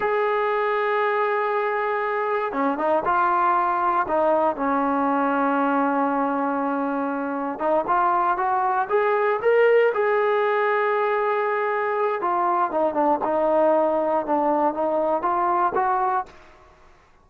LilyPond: \new Staff \with { instrumentName = "trombone" } { \time 4/4 \tempo 4 = 118 gis'1~ | gis'4 cis'8 dis'8 f'2 | dis'4 cis'2.~ | cis'2. dis'8 f'8~ |
f'8 fis'4 gis'4 ais'4 gis'8~ | gis'1 | f'4 dis'8 d'8 dis'2 | d'4 dis'4 f'4 fis'4 | }